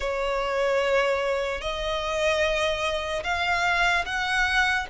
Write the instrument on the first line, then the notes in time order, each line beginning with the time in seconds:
violin
0.00 C#5
1.61 D#5
3.23 F5
4.05 F#5